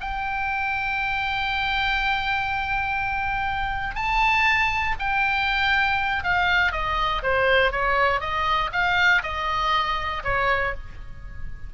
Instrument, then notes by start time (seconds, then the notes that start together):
oboe
0.00 G5
3.95 A5
4.99 G5
6.23 F5
6.72 D#5
7.22 C5
7.72 C#5
8.20 D#5
8.72 F5
9.23 D#5
10.24 C#5